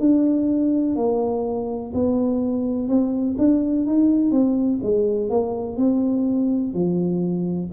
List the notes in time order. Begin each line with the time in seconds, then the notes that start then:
0.00 D4
0.96 A#3
1.94 B3
2.89 C4
3.38 D4
3.86 D#4
4.32 C4
4.83 G#3
5.30 A#3
5.77 C4
6.74 F3